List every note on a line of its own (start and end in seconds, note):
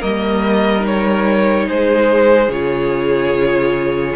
0.00 1.69 G3
0.00 0.81 A#3
0.00 1.67 A#4
0.00 0.86 D#5
0.81 2.47 D#4
0.81 1.69 C#5
1.69 2.49 G#3
1.69 4.16 G#4
1.69 2.51 C5
2.49 4.15 C#3
2.49 4.16 F4
2.49 4.16 C#5